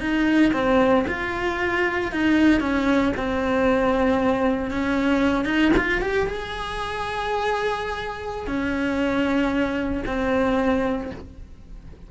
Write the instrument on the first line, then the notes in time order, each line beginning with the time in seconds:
cello
0.00 D#4
0.53 C4
1.07 F4
2.12 D#4
2.60 C#4
3.17 C4
4.71 C#4
5.45 D#4
5.77 F4
6.01 G4
6.27 G#4
8.47 C#4
10.06 C4